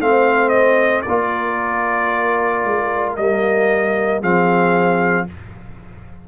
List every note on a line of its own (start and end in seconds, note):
0.00 1.05 A3
0.00 1.06 C4
0.00 1.04 C5
0.00 0.49 F5
0.49 1.02 D#5
1.02 2.65 A#3
1.02 4.20 A#4
1.02 3.13 D5
1.09 3.19 F4
2.65 3.18 G#3
3.17 4.23 G3
3.17 4.22 A#3
3.17 4.22 D#5
4.20 5.28 F3
4.20 5.28 C4
4.20 5.25 G#4
4.20 5.28 F5